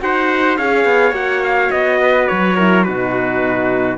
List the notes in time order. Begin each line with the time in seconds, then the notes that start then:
0.00 D#4 F#4 C5 F#5
0.57 C#4 G#4 C#5 F5
0.85 B3
1.11 A#3 F#4 F#5
1.44 F5
1.70 B3 D#5
2.01 B4
2.27 F#3 C#5
2.56 E4 A#4
2.83 B2 D#4 F#4 B4